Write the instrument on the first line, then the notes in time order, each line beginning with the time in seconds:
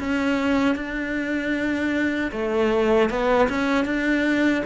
cello
0.00 C#4
0.76 D4
2.32 A3
3.10 B3
3.49 C#4
3.85 D4